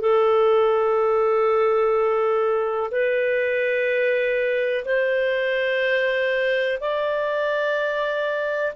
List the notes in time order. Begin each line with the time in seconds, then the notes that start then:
0.00 A4
2.91 B4
4.85 C5
6.80 D5